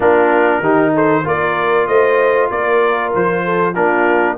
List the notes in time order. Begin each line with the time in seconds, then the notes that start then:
0.00 A#3 D4 F4 A#4
0.60 D#3 D#4 G4
0.94 A4 C5
1.23 A#3 F4 A#4 D5
1.87 A3 C5 D#5
2.50 A#3 A#4 D5
3.14 F3 C5
3.44 A4
3.71 A#3 D4 F4 A#4